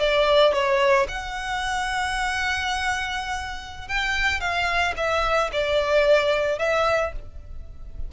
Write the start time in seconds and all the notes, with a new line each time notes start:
0.00 D5
0.54 C#5
1.09 F#5
3.88 G5
4.41 F5
4.97 E5
5.53 D5
6.59 E5